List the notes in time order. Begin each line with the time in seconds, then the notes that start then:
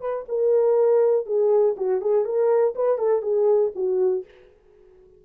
0.00 B4
0.28 A#4
1.26 G#4
1.76 F#4
2.01 G#4
2.24 A#4
2.75 B4
2.98 A4
3.22 G#4
3.75 F#4